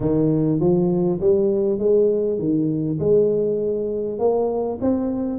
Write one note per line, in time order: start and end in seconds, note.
0.00 0.60 D#3
0.60 1.20 F3
1.20 1.78 G3
1.78 2.38 G#3
2.38 2.98 D#3
2.99 4.18 G#3
4.18 4.78 A#3
4.81 5.38 C4